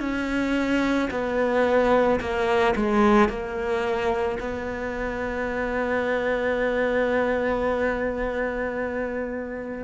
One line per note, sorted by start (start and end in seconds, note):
0.00 1.09 C#4
1.11 2.20 B3
2.20 2.75 A#3
2.76 3.29 G#3
3.29 4.38 A#3
4.40 9.83 B3